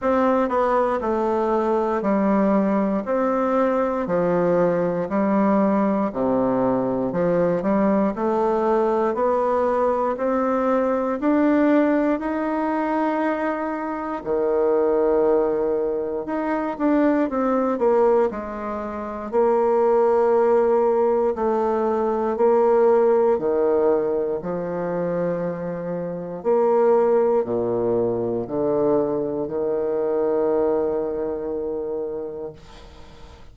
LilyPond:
\new Staff \with { instrumentName = "bassoon" } { \time 4/4 \tempo 4 = 59 c'8 b8 a4 g4 c'4 | f4 g4 c4 f8 g8 | a4 b4 c'4 d'4 | dis'2 dis2 |
dis'8 d'8 c'8 ais8 gis4 ais4~ | ais4 a4 ais4 dis4 | f2 ais4 ais,4 | d4 dis2. | }